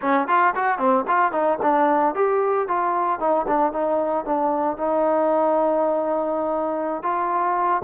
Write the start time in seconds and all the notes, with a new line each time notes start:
0.01 C#4
0.27 F4
0.55 F#4
0.78 C4
1.07 F4
1.32 D#4
1.61 D4
2.14 G4
2.68 F4
3.19 D#4
3.47 D4
3.72 D#4
4.25 D4
4.77 D#4
7.03 F4